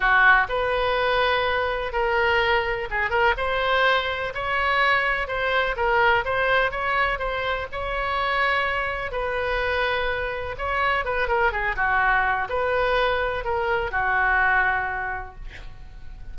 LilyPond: \new Staff \with { instrumentName = "oboe" } { \time 4/4 \tempo 4 = 125 fis'4 b'2. | ais'2 gis'8 ais'8 c''4~ | c''4 cis''2 c''4 | ais'4 c''4 cis''4 c''4 |
cis''2. b'4~ | b'2 cis''4 b'8 ais'8 | gis'8 fis'4. b'2 | ais'4 fis'2. | }